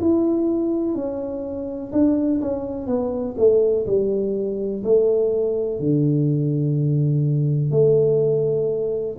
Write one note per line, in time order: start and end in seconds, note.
0.00 0.95 E4
0.95 1.91 C#4
1.92 2.41 D4
2.41 2.86 C#4
2.86 3.35 B3
3.37 3.85 A3
3.86 4.83 G3
4.83 5.79 A3
5.79 7.71 D3
7.71 9.16 A3